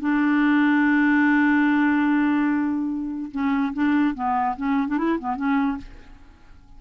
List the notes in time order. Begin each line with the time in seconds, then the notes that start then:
0.00 D4
3.32 C#4
3.74 D4
4.15 B3
4.57 C#4
4.88 D4
4.98 E4
5.19 B3
5.36 C#4